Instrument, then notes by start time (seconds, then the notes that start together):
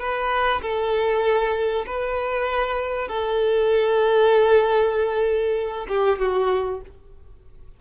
violin
0.00 B4
0.62 A4
1.87 B4
3.09 A4
5.88 G4
6.19 F#4